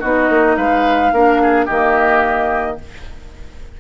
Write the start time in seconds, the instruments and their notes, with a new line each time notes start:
0.00 bassoon B3, clarinet D#4, oboe F#4, flute D#5
0.30 bassoon A#3
0.56 bassoon G#3, oboe B4, flute F5
1.12 bassoon A#3, clarinet D4, oboe A#4
1.42 oboe G#4
1.65 bassoon D#3, clarinet A#3, oboe G4, flute D#5